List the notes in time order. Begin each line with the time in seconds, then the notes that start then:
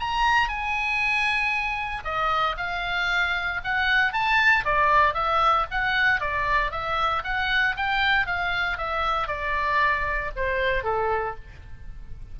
0.00 A#5
0.49 G#5
2.05 D#5
2.57 F5
3.64 F#5
4.13 A5
4.65 D5
5.14 E5
5.71 F#5
6.20 D5
6.71 E5
7.24 F#5
7.76 G5
8.27 F5
8.78 E5
9.28 D5
10.36 C5
10.84 A4